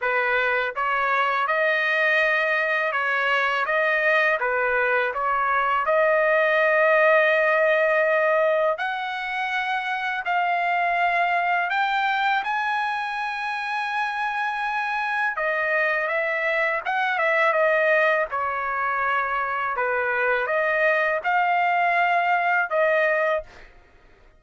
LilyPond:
\new Staff \with { instrumentName = "trumpet" } { \time 4/4 \tempo 4 = 82 b'4 cis''4 dis''2 | cis''4 dis''4 b'4 cis''4 | dis''1 | fis''2 f''2 |
g''4 gis''2.~ | gis''4 dis''4 e''4 fis''8 e''8 | dis''4 cis''2 b'4 | dis''4 f''2 dis''4 | }